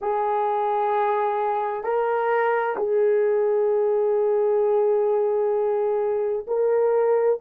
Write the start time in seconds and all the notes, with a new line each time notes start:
0.01 G#4
1.83 A#4
2.77 G#4
6.47 A#4